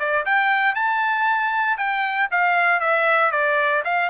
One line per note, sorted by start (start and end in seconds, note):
0.00 0.26 D5
0.26 0.75 G5
0.75 1.78 A5
1.78 2.29 G5
2.31 2.81 F5
2.81 3.32 E5
3.32 3.83 D5
3.85 4.10 F5